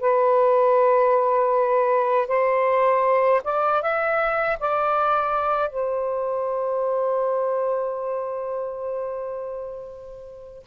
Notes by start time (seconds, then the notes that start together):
0.00 B4
2.27 C5
3.43 D5
3.82 E5
4.59 D5
5.69 C5